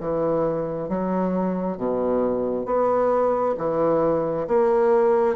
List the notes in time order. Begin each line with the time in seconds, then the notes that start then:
0.00 E3
0.88 F#3
1.77 B2
2.65 B3
3.57 E3
4.47 A#3